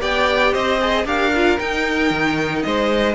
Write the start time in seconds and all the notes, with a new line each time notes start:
0.00 B3 G4 D5 G5
0.52 C4 C5 D#5
0.81 G#4
1.05 D4 G4 A#4 F5
1.35 F4
1.58 D#4 G5
2.10 D#3
2.62 G#3 C5 D#5